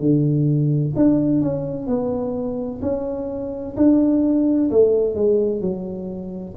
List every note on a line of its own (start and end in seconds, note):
0.00 0.94 D3
0.96 1.41 D4
1.41 1.87 C#4
1.87 2.81 B3
2.82 3.76 C#4
3.77 4.70 D4
4.71 5.15 A3
5.15 5.61 G#3
5.61 6.55 F#3